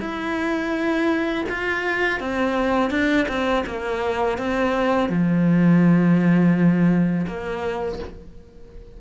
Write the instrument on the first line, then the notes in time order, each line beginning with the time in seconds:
cello
0.00 E4
1.49 F4
2.20 C4
2.90 D4
3.28 C4
3.66 A#3
4.38 C4
5.09 F3
7.27 A#3